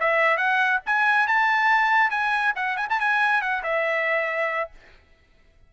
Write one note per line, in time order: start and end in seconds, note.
0.00 0.37 E5
0.37 0.80 F#5
0.86 1.27 G#5
1.27 2.10 A5
2.10 2.53 G#5
2.56 2.77 F#5
2.77 2.88 G#5
2.89 3.00 A5
3.00 3.41 G#5
3.41 3.63 F#5
3.63 4.70 E5